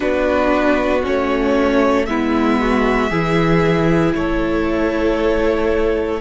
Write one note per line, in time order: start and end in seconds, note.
0.00 1.06 B3
0.00 1.01 D4
0.00 2.04 F#4
0.00 1.02 B4
1.03 2.07 A3
1.03 2.06 C#4
1.03 2.05 C#5
2.05 3.11 G#3
2.05 3.11 B3
2.05 2.60 E4
2.05 4.12 E5
2.60 3.10 F#4
3.10 4.14 E3
3.10 6.21 E4
3.10 4.13 G#4
4.14 6.21 A3
4.14 6.21 A4
4.14 6.21 C#5